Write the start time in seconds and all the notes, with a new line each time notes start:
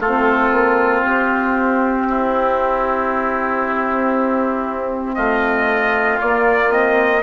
0.00 A3 C4 F4 A4
0.52 A#3
1.03 C4 G4
2.10 E4
5.15 A3 F4 D#5
6.22 A#3 D5
6.70 C4 D#5